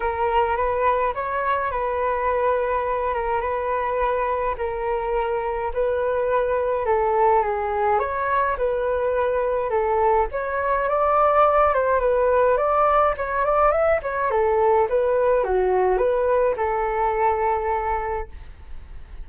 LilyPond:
\new Staff \with { instrumentName = "flute" } { \time 4/4 \tempo 4 = 105 ais'4 b'4 cis''4 b'4~ | b'4. ais'8 b'2 | ais'2 b'2 | a'4 gis'4 cis''4 b'4~ |
b'4 a'4 cis''4 d''4~ | d''8 c''8 b'4 d''4 cis''8 d''8 | e''8 cis''8 a'4 b'4 fis'4 | b'4 a'2. | }